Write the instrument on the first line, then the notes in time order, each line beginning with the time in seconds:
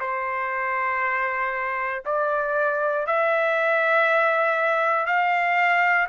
trumpet
0.00 C5
2.06 D5
3.06 E5
5.06 F5